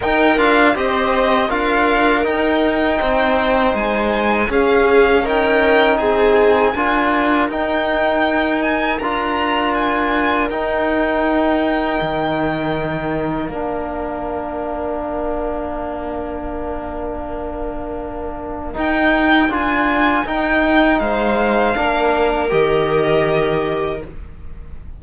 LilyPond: <<
  \new Staff \with { instrumentName = "violin" } { \time 4/4 \tempo 4 = 80 g''8 f''8 dis''4 f''4 g''4~ | g''4 gis''4 f''4 g''4 | gis''2 g''4. gis''8 | ais''4 gis''4 g''2~ |
g''2 f''2~ | f''1~ | f''4 g''4 gis''4 g''4 | f''2 dis''2 | }
  \new Staff \with { instrumentName = "viola" } { \time 4/4 ais'4 c''4 ais'2 | c''2 gis'4 ais'4 | gis'4 ais'2.~ | ais'1~ |
ais'1~ | ais'1~ | ais'1 | c''4 ais'2. | }
  \new Staff \with { instrumentName = "trombone" } { \time 4/4 dis'8 f'8 g'4 f'4 dis'4~ | dis'2 cis'4 dis'4~ | dis'4 f'4 dis'2 | f'2 dis'2~ |
dis'2 d'2~ | d'1~ | d'4 dis'4 f'4 dis'4~ | dis'4 d'4 g'2 | }
  \new Staff \with { instrumentName = "cello" } { \time 4/4 dis'8 d'8 c'4 d'4 dis'4 | c'4 gis4 cis'2 | c'4 d'4 dis'2 | d'2 dis'2 |
dis2 ais2~ | ais1~ | ais4 dis'4 d'4 dis'4 | gis4 ais4 dis2 | }
>>